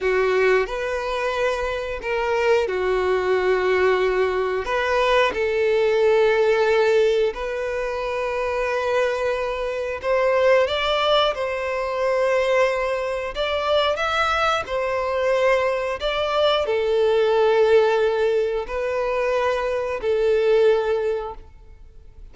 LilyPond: \new Staff \with { instrumentName = "violin" } { \time 4/4 \tempo 4 = 90 fis'4 b'2 ais'4 | fis'2. b'4 | a'2. b'4~ | b'2. c''4 |
d''4 c''2. | d''4 e''4 c''2 | d''4 a'2. | b'2 a'2 | }